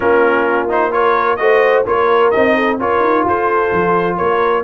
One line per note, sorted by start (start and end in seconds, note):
0.00 1.38 A#3
0.00 0.68 C#4
0.00 0.93 F4
0.00 0.68 A#4
0.68 0.91 D#4
0.68 0.92 C5
0.91 1.38 F4
0.91 1.40 A#4
0.91 1.36 C#5
1.36 1.85 A3
1.36 1.85 F#4
1.36 1.86 C5
1.36 1.82 D#5
1.86 2.33 A#3
1.86 2.32 F4
1.86 2.56 A#4
1.86 2.30 C#5
2.30 2.79 C4
2.30 2.79 D#4
2.30 2.77 D#5
2.56 2.79 A4
2.79 2.99 C#4
2.79 4.64 F4
2.79 3.26 A#4
2.79 3.27 C#5
2.99 3.22 D#4
3.24 3.71 F4
3.24 4.16 A4
3.24 4.16 C5
3.72 4.18 F3
4.16 4.64 A#3
4.16 4.62 A#4
4.16 4.63 C#5